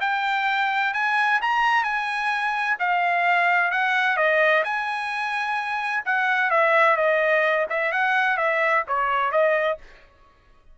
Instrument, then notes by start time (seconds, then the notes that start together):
trumpet
0.00 G5
0.93 G#5
1.41 A#5
1.83 G#5
2.79 F5
3.71 F#5
4.16 D#5
4.63 G#5
6.05 F#5
6.50 E5
6.96 D#5
7.69 E5
7.92 F#5
8.37 E5
8.87 C#5
9.31 D#5